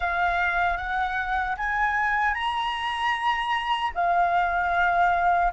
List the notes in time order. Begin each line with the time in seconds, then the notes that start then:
0.00 F5
0.77 F#5
1.57 G#5
2.34 A#5
3.94 F5